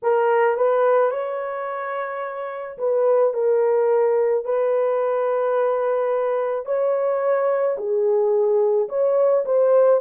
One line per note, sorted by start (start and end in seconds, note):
0.02 0.56 A#4
0.56 1.11 B4
1.11 2.77 C#5
2.78 3.33 B4
3.33 4.44 A#4
4.44 6.65 B4
6.65 7.76 C#5
7.77 8.88 G#4
8.88 9.44 C#5
9.45 10.01 C5